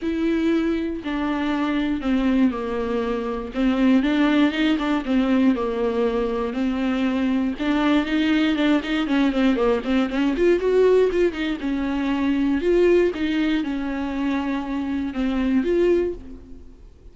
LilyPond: \new Staff \with { instrumentName = "viola" } { \time 4/4 \tempo 4 = 119 e'2 d'2 | c'4 ais2 c'4 | d'4 dis'8 d'8 c'4 ais4~ | ais4 c'2 d'4 |
dis'4 d'8 dis'8 cis'8 c'8 ais8 c'8 | cis'8 f'8 fis'4 f'8 dis'8 cis'4~ | cis'4 f'4 dis'4 cis'4~ | cis'2 c'4 f'4 | }